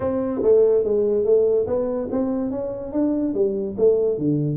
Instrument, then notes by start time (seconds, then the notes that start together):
tuba
0.00 C4
0.43 A3
0.84 G#3
1.24 A3
1.66 B3
2.11 C4
2.50 C#4
2.92 D4
3.34 G3
3.77 A3
4.18 D3